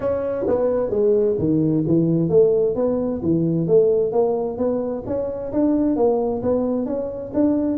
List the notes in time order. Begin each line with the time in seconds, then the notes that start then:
0.00 C#4
0.47 B3
0.90 G#3
1.38 D#3
1.87 E3
2.29 A3
2.75 B3
3.22 E3
3.67 A3
4.12 A#3
4.57 B3
5.06 C#4
5.52 D4
5.96 A#3
6.42 B3
6.86 C#4
7.34 D4